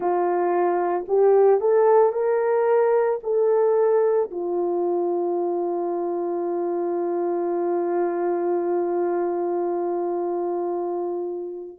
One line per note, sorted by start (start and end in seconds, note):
0.00 1.05 F4
1.08 1.60 G4
1.60 2.12 A4
2.12 3.19 A#4
3.23 4.30 A4
4.31 11.78 F4